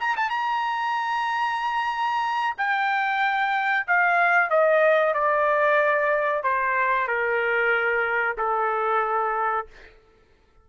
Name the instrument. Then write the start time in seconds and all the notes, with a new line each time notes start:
trumpet
0.00 A#5
0.16 A5
0.30 A#5
2.57 G5
3.87 F5
4.50 D#5
5.14 D5
6.43 C5
7.08 A#4
8.38 A4